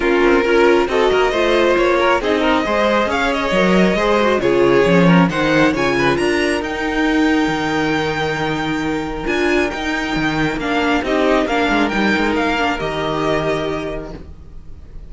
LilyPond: <<
  \new Staff \with { instrumentName = "violin" } { \time 4/4 \tempo 4 = 136 ais'2 dis''2 | cis''4 dis''2 f''8 dis''8~ | dis''2 cis''2 | fis''4 gis''4 ais''4 g''4~ |
g''1~ | g''4 gis''4 g''2 | f''4 dis''4 f''4 g''4 | f''4 dis''2. | }
  \new Staff \with { instrumentName = "violin" } { \time 4/4 f'4 ais'4 a'8 ais'8 c''4~ | c''8 ais'8 gis'8 ais'8 c''4 cis''4~ | cis''4 c''4 gis'4. ais'8 | c''4 cis''8 b'8 ais'2~ |
ais'1~ | ais'1~ | ais'4 g'4 ais'2~ | ais'1 | }
  \new Staff \with { instrumentName = "viola" } { \time 4/4 cis'4 f'4 fis'4 f'4~ | f'4 dis'4 gis'2 | ais'4 gis'8 fis'8 f'4 cis'4 | dis'4 f'2 dis'4~ |
dis'1~ | dis'4 f'4 dis'2 | d'4 dis'4 d'4 dis'4~ | dis'8 d'8 g'2. | }
  \new Staff \with { instrumentName = "cello" } { \time 4/4 ais8 c'8 cis'4 c'8 ais8 a4 | ais4 c'4 gis4 cis'4 | fis4 gis4 cis4 f4 | dis4 cis4 d'4 dis'4~ |
dis'4 dis2.~ | dis4 d'4 dis'4 dis4 | ais4 c'4 ais8 gis8 g8 gis8 | ais4 dis2. | }
>>